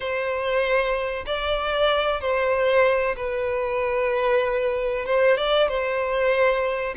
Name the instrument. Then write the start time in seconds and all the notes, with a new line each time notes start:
violin
0.00 C5
1.25 D5
2.20 C5
3.16 B4
5.05 C5
5.37 D5
5.68 C5